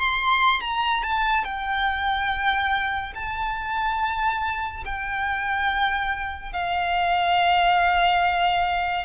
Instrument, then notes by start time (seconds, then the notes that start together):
violin
0.00 C6
0.61 A#5
1.03 A5
1.45 G5
3.15 A5
4.86 G5
6.53 F5